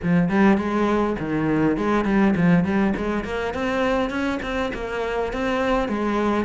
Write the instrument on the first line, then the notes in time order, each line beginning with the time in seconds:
cello
0.03 F3
0.29 G3
0.57 G#3
1.19 D#3
1.77 G#3
2.04 G3
2.36 F3
2.64 G3
2.96 G#3
3.24 A#3
3.54 C4
4.10 C#4
4.42 C4
4.74 A#3
5.32 C4
5.88 G#3